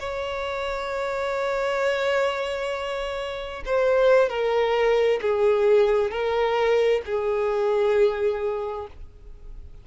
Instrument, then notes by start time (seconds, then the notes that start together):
violin
0.00 C#5
3.66 C5
4.30 A#4
5.22 G#4
6.11 A#4
7.06 G#4